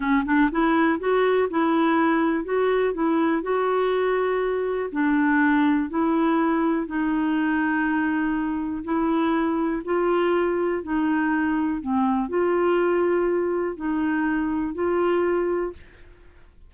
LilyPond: \new Staff \with { instrumentName = "clarinet" } { \time 4/4 \tempo 4 = 122 cis'8 d'8 e'4 fis'4 e'4~ | e'4 fis'4 e'4 fis'4~ | fis'2 d'2 | e'2 dis'2~ |
dis'2 e'2 | f'2 dis'2 | c'4 f'2. | dis'2 f'2 | }